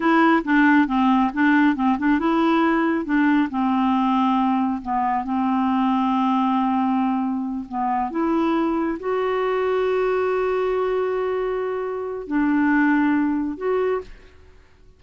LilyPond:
\new Staff \with { instrumentName = "clarinet" } { \time 4/4 \tempo 4 = 137 e'4 d'4 c'4 d'4 | c'8 d'8 e'2 d'4 | c'2. b4 | c'1~ |
c'4. b4 e'4.~ | e'8 fis'2.~ fis'8~ | fis'1 | d'2. fis'4 | }